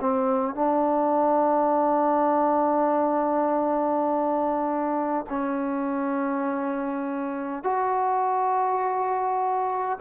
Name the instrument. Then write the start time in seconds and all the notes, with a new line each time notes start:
trombone
0.00 C4
0.55 D4
5.29 C#4
7.63 F#4